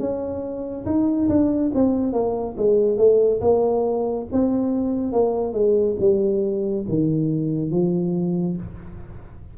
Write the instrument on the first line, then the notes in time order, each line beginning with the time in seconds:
tuba
0.00 C#4
0.86 D#4
1.29 D4
1.75 C4
2.13 A#3
2.58 G#3
2.98 A3
3.41 A#3
4.32 C4
5.13 A#3
5.54 G#3
6.00 G3
6.89 D#3
7.71 F3